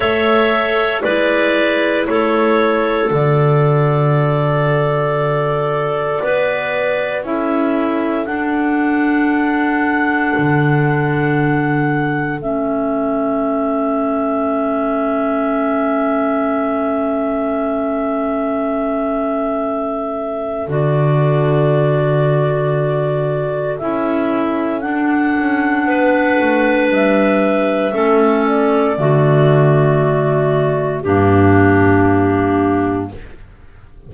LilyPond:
<<
  \new Staff \with { instrumentName = "clarinet" } { \time 4/4 \tempo 4 = 58 e''4 d''4 cis''4 d''4~ | d''2. e''4 | fis''1 | e''1~ |
e''1 | d''2. e''4 | fis''2 e''4. d''8~ | d''2 g'2 | }
  \new Staff \with { instrumentName = "clarinet" } { \time 4/4 cis''4 b'4 a'2~ | a'2 b'4 a'4~ | a'1~ | a'1~ |
a'1~ | a'1~ | a'4 b'2 a'4 | fis'2 d'2 | }
  \new Staff \with { instrumentName = "clarinet" } { \time 4/4 a'4 e'2 fis'4~ | fis'2. e'4 | d'1 | cis'1~ |
cis'1 | fis'2. e'4 | d'2. cis'4 | a2 ais2 | }
  \new Staff \with { instrumentName = "double bass" } { \time 4/4 a4 gis4 a4 d4~ | d2 b4 cis'4 | d'2 d2 | a1~ |
a1 | d2. cis'4 | d'8 cis'8 b8 a8 g4 a4 | d2 g,2 | }
>>